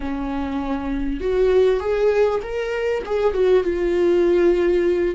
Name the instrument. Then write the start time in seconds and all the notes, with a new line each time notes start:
viola
0.00 C#4
1.20 F#4
1.80 G#4
2.42 A#4
3.05 G#4
3.33 F#4
3.63 F4